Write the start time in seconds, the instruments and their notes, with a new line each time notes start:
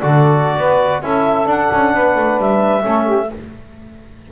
0.00 double bass D3, trombone F#4, saxophone A4, clarinet D5
0.57 double bass B3, saxophone B4
1.02 double bass C#4, trombone E4, saxophone A4, clarinet E5
1.46 trombone D4, double bass D4, clarinet F#5
1.73 double bass C#4
1.93 double bass B3, saxophone B4
2.16 double bass A3
2.38 double bass G3, clarinet E5
2.82 double bass A3, trombone C#4, saxophone A4
3.05 saxophone G4